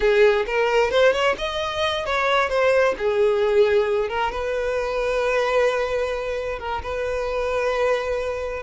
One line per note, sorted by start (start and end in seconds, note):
0.00 0.45 G#4
0.46 0.90 A#4
0.90 1.12 C5
1.12 1.35 C#5
1.38 2.05 D#5
2.05 2.49 C#5
2.49 2.94 C5
2.98 4.08 G#4
4.08 4.31 A#4
4.31 6.59 B4
6.59 6.82 A#4
6.82 8.63 B4